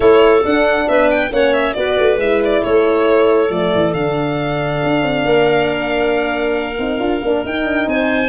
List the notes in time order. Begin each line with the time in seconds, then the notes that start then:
0.00 A3 E4 A4 C#5
0.44 D4 F#5
0.87 B3 B4 E5
1.10 G5
1.31 A#3 C#4 C#5 F#5
1.53 E5
1.73 B3 F#4 B4 D5
1.99 A3
2.17 G#3 E4 E5
2.44 D5
2.62 A3 A4 C#5
3.49 F3 A3 D5
3.74 E3
3.92 D3 D4 F5
4.83 D4
5.02 C4
5.25 A#3 A#4
6.78 C4 D#4
6.99 D4 F4
7.22 A#3 D4
7.44 D#4 G5
7.64 D4
7.86 C4 C5 G#5